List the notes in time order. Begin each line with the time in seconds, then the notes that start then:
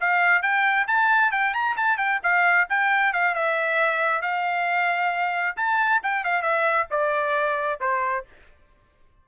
0.00 F5
0.42 G5
0.87 A5
1.31 G5
1.54 A#5
1.76 A5
1.97 G5
2.23 F5
2.69 G5
3.13 F5
3.34 E5
4.22 F5
5.56 A5
6.03 G5
6.24 F5
6.42 E5
6.91 D5
7.80 C5